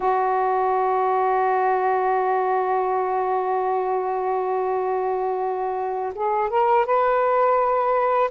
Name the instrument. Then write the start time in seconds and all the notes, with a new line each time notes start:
saxophone
0.00 F#4
6.14 G#4
6.49 A#4
6.85 B4